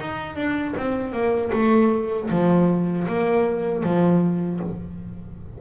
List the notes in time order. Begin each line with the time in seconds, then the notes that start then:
0.00 D#4
0.35 D4
0.77 C4
1.12 A#3
1.52 A3
2.30 F3
3.08 A#3
3.83 F3